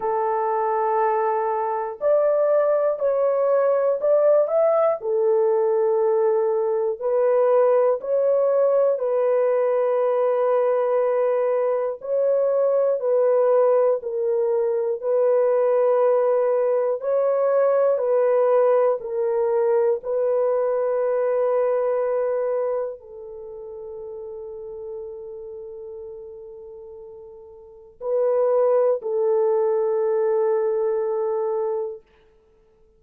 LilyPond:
\new Staff \with { instrumentName = "horn" } { \time 4/4 \tempo 4 = 60 a'2 d''4 cis''4 | d''8 e''8 a'2 b'4 | cis''4 b'2. | cis''4 b'4 ais'4 b'4~ |
b'4 cis''4 b'4 ais'4 | b'2. a'4~ | a'1 | b'4 a'2. | }